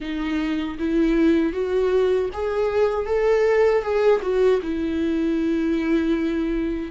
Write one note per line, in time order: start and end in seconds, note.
0.00 0.77 D#4
0.79 1.52 E4
1.52 2.29 F#4
2.33 3.06 G#4
3.06 3.82 A4
3.82 4.20 G#4
4.21 4.60 F#4
4.62 6.91 E4